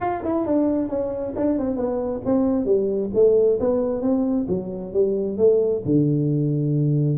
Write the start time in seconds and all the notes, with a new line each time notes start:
0.00 F4
0.23 E4
0.46 D4
0.88 C#4
1.36 D4
1.58 C4
1.76 B3
2.25 C4
2.65 G3
3.14 A3
3.60 B3
4.01 C4
4.48 F#3
4.93 G3
5.37 A3
5.85 D3